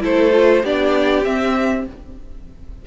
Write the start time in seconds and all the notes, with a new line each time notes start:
0.00 A3 E4 A4 C5
0.32 F4
0.63 B3 D4 G4 D5
1.24 C4 E5